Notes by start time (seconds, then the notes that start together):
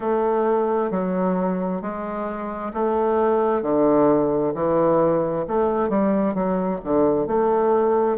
0.00 A3
0.90 F#3
1.81 G#3
2.73 A3
3.62 D3
4.54 E3
5.47 A3
5.88 G3
6.34 F#3
6.83 D3
7.26 A3